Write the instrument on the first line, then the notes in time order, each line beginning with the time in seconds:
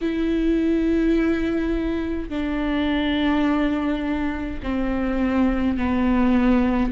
viola
0.01 E4
2.29 D4
4.62 C4
5.77 B3